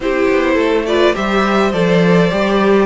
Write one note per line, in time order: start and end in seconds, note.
0.00 0.27 C4
0.00 0.87 E4
0.00 0.54 G4
0.00 0.86 C5
0.28 0.57 B3
0.54 1.14 A3
0.54 0.83 A4
0.86 1.14 F4
0.86 1.15 B4
0.86 1.14 D5
1.14 1.73 G3
1.14 1.71 G4
1.14 2.85 C5
1.14 1.72 E5
1.73 2.30 F3
1.73 2.30 A4
1.73 2.85 D5
2.30 2.85 G3
2.30 2.85 G4